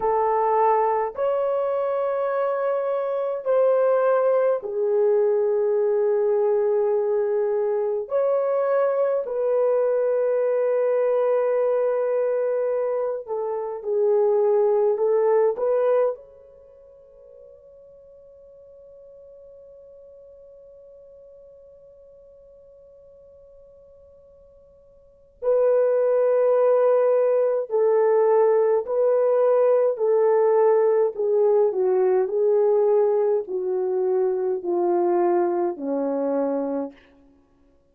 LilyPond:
\new Staff \with { instrumentName = "horn" } { \time 4/4 \tempo 4 = 52 a'4 cis''2 c''4 | gis'2. cis''4 | b'2.~ b'8 a'8 | gis'4 a'8 b'8 cis''2~ |
cis''1~ | cis''2 b'2 | a'4 b'4 a'4 gis'8 fis'8 | gis'4 fis'4 f'4 cis'4 | }